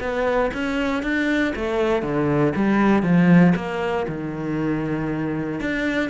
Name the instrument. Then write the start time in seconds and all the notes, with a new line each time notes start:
cello
0.00 B3
0.53 C#4
1.03 D4
1.56 A3
2.02 D3
2.55 G3
3.03 F3
3.55 A#3
4.08 D#3
5.60 D4